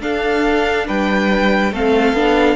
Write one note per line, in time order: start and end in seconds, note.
0.00 1.71 D4
0.00 0.88 D4
0.00 0.86 A4
0.00 0.87 F5
0.86 1.71 G3
0.86 1.72 B4
0.86 1.73 G5
1.71 2.13 A3
1.71 2.16 C4
1.71 2.56 A4
1.71 2.56 F5
2.13 2.56 B3
2.13 2.56 D4